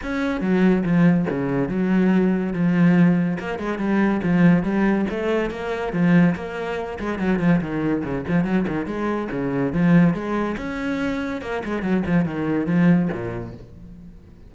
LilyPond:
\new Staff \with { instrumentName = "cello" } { \time 4/4 \tempo 4 = 142 cis'4 fis4 f4 cis4 | fis2 f2 | ais8 gis8 g4 f4 g4 | a4 ais4 f4 ais4~ |
ais8 gis8 fis8 f8 dis4 cis8 f8 | fis8 dis8 gis4 cis4 f4 | gis4 cis'2 ais8 gis8 | fis8 f8 dis4 f4 ais,4 | }